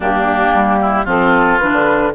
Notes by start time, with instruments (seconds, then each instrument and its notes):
0.00 bassoon G2, clarinet A#3, oboe D4, flute G4
0.54 bassoon G3
0.81 oboe E4
1.04 bassoon F3, clarinet C4, oboe F4, flute A4
1.58 bassoon E3, clarinet D4, flute B4
1.72 bassoon D3